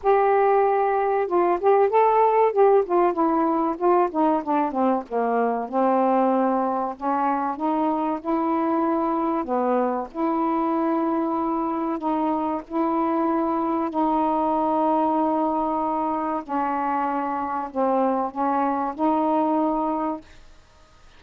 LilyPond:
\new Staff \with { instrumentName = "saxophone" } { \time 4/4 \tempo 4 = 95 g'2 f'8 g'8 a'4 | g'8 f'8 e'4 f'8 dis'8 d'8 c'8 | ais4 c'2 cis'4 | dis'4 e'2 b4 |
e'2. dis'4 | e'2 dis'2~ | dis'2 cis'2 | c'4 cis'4 dis'2 | }